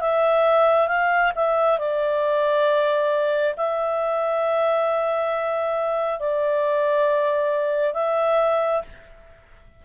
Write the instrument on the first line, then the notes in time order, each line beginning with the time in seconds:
clarinet
0.00 E5
0.87 F5
1.35 E5
1.78 D5
3.57 E5
6.19 D5
7.93 E5